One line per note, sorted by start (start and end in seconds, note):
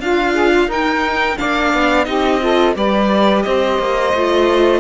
0.00 0.67 D4
0.00 0.34 F4
0.00 0.70 F4
0.00 0.70 F5
0.34 0.50 G#4
0.50 0.67 F4
0.67 1.36 D#4
0.67 1.38 D#4
0.67 1.37 A#4
0.67 1.38 G5
1.38 1.73 A#3
1.38 2.05 D4
1.38 2.06 D5
1.38 2.05 F5
1.73 2.07 B3
2.05 2.76 C4
2.05 2.40 D#4
2.05 2.41 G4
2.05 2.74 D#5
2.42 2.75 F4
2.42 2.76 A4
2.75 3.45 G3
2.75 4.13 G4
2.75 3.45 B4
2.75 3.42 D5
3.42 3.79 C4
3.42 4.80 C5
3.42 4.80 D#5
3.79 4.13 A#3
4.14 4.80 A3
4.14 4.80 F4